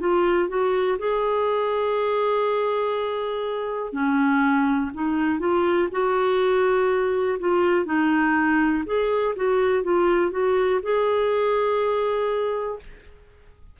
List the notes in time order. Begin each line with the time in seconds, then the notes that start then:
0.00 F4
0.49 F#4
0.99 G#4
3.93 C#4
4.94 D#4
5.40 F4
5.92 F#4
7.40 F4
7.86 D#4
8.86 G#4
9.36 F#4
9.84 F4
10.31 F#4
10.82 G#4